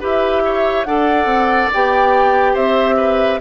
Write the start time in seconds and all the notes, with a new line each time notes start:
0.00 E4 G4 B4 E5
0.45 C#5
0.84 D4 A4 D5 F#5
1.25 C4
1.73 B3 G4 G5
2.53 C4 C5 E5
2.97 B4